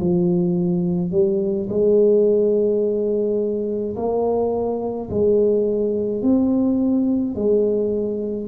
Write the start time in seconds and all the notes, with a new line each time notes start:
0.00 F3
1.11 G3
1.69 G#3
3.96 A#3
5.09 G#3
6.22 C4
7.35 G#3